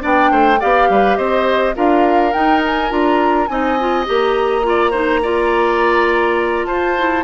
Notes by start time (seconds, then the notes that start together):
0.00 B3 D4 D5 G5
0.31 A3 C5
0.60 B3 G4 D5 F5
0.89 G3 B4
1.17 C4 C5 D#5
1.75 D4 F4 A#4 F5
2.32 D#4 G5
2.66 G#5
2.89 D4 F4 A#5
3.47 C4 D#4 D#5 G#5
3.79 F4
4.05 A#3 G4 A#5
4.63 F4 D5
4.91 D#4 C5
5.23 F4 D5
6.66 F4 C5 A5
6.98 E4